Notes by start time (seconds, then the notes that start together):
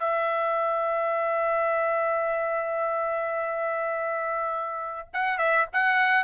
0.00 E5
5.14 F#5
5.39 E5
5.73 F#5